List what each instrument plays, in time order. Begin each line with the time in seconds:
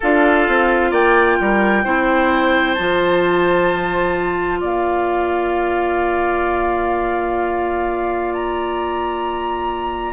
0.00 bassoon D4, clarinet F4, oboe A4, flute F5
0.48 bassoon C4
0.91 bassoon A#3, oboe D5, flute G5
1.40 bassoon G3, oboe A#4
1.83 bassoon C4, clarinet E4, oboe C5
2.73 bassoon F3, clarinet F4, flute A5
4.60 bassoon A#3, oboe D5, flute F5
8.34 flute A#5